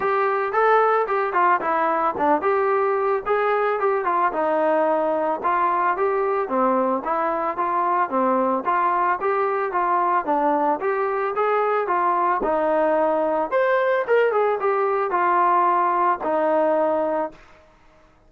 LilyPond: \new Staff \with { instrumentName = "trombone" } { \time 4/4 \tempo 4 = 111 g'4 a'4 g'8 f'8 e'4 | d'8 g'4. gis'4 g'8 f'8 | dis'2 f'4 g'4 | c'4 e'4 f'4 c'4 |
f'4 g'4 f'4 d'4 | g'4 gis'4 f'4 dis'4~ | dis'4 c''4 ais'8 gis'8 g'4 | f'2 dis'2 | }